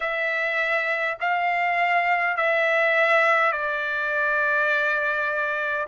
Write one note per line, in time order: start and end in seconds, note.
0.00 1.17 E5
1.20 2.36 F5
2.36 3.51 E5
3.51 5.87 D5